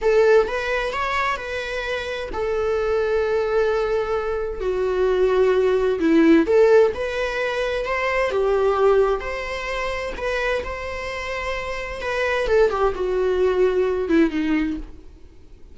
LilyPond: \new Staff \with { instrumentName = "viola" } { \time 4/4 \tempo 4 = 130 a'4 b'4 cis''4 b'4~ | b'4 a'2.~ | a'2 fis'2~ | fis'4 e'4 a'4 b'4~ |
b'4 c''4 g'2 | c''2 b'4 c''4~ | c''2 b'4 a'8 g'8 | fis'2~ fis'8 e'8 dis'4 | }